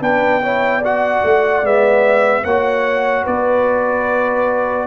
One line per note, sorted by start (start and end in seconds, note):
0.00 1.22 B3
0.00 0.41 D4
0.00 0.41 B4
0.00 0.83 G5
0.42 0.82 E4
0.42 0.78 C#5
0.78 1.62 F#4
0.78 2.40 D5
0.84 1.65 F#5
1.23 1.62 A3
1.62 2.43 G#3
1.62 2.43 B3
1.62 2.44 E5
2.44 3.25 A#3
2.44 4.86 F#4
2.44 3.24 C#5
2.44 3.25 F#5
3.24 4.86 B3
3.24 4.86 B4
3.24 4.86 D5